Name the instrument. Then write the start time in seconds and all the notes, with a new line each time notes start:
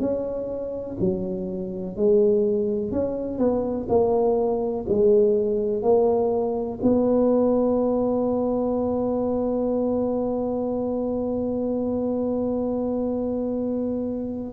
tuba
0.00 C#4
1.00 F#3
1.97 G#3
2.92 C#4
3.39 B3
3.89 A#3
4.89 G#3
5.82 A#3
6.83 B3